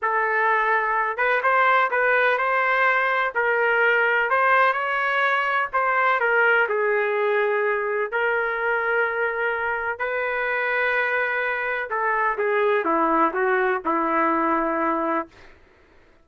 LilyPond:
\new Staff \with { instrumentName = "trumpet" } { \time 4/4 \tempo 4 = 126 a'2~ a'8 b'8 c''4 | b'4 c''2 ais'4~ | ais'4 c''4 cis''2 | c''4 ais'4 gis'2~ |
gis'4 ais'2.~ | ais'4 b'2.~ | b'4 a'4 gis'4 e'4 | fis'4 e'2. | }